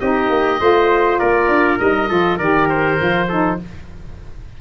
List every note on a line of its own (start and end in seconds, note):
0.00 0.30 C4
0.00 0.59 D#4
0.00 0.61 G4
0.00 1.19 D#5
0.30 0.60 A#3
0.59 1.20 A3
0.59 1.79 F4
0.59 1.20 C5
1.19 1.49 A#3
1.19 2.09 A#4
1.19 1.79 D5
1.49 1.79 D4
1.79 2.11 G3
1.79 2.09 D#4
1.79 2.39 D#5
2.09 2.40 F3
2.09 2.39 F4
2.09 2.38 A4
2.38 3.00 D#3
2.38 2.99 G4
2.38 3.28 A#4
2.38 2.69 D5
2.69 3.59 C5
2.99 3.61 F3
2.99 3.29 F4
3.29 3.60 D#4
3.29 3.59 A4